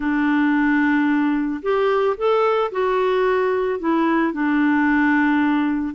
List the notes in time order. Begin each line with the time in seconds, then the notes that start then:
0.00 D4
1.62 G4
2.17 A4
2.71 F#4
3.79 E4
4.32 D4